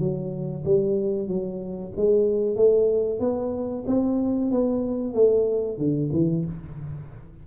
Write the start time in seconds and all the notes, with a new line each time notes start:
0.00 F#3
0.65 G3
1.28 F#3
1.97 G#3
2.57 A3
3.20 B3
3.87 C4
4.52 B3
5.15 A3
5.79 D3
6.13 E3